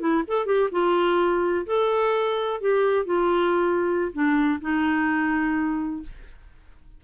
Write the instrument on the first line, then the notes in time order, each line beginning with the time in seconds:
clarinet
0.00 E4
0.28 A4
0.46 G4
0.72 F4
1.66 A4
2.61 G4
3.06 F4
4.13 D4
4.61 D#4